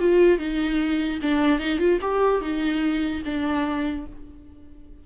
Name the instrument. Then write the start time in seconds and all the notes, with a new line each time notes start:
viola
0.00 F4
0.39 D#4
1.22 D4
1.60 D#4
1.79 F4
2.02 G4
2.42 D#4
3.25 D4